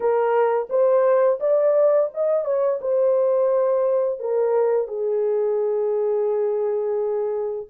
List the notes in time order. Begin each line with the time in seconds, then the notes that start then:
0.00 A#4
0.69 C5
1.40 D5
2.14 D#5
2.45 C#5
2.81 C5
4.19 A#4
4.87 G#4